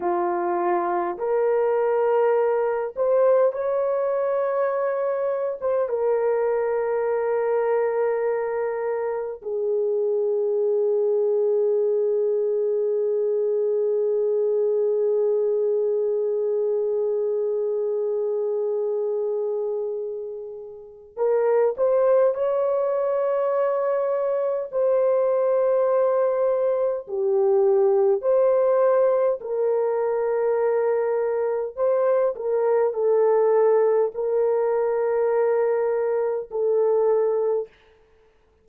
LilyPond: \new Staff \with { instrumentName = "horn" } { \time 4/4 \tempo 4 = 51 f'4 ais'4. c''8 cis''4~ | cis''8. c''16 ais'2. | gis'1~ | gis'1~ |
gis'2 ais'8 c''8 cis''4~ | cis''4 c''2 g'4 | c''4 ais'2 c''8 ais'8 | a'4 ais'2 a'4 | }